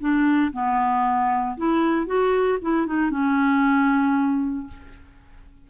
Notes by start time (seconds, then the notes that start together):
0.00 D4
0.52 B3
1.57 E4
2.06 F#4
2.62 E4
2.86 D#4
3.11 C#4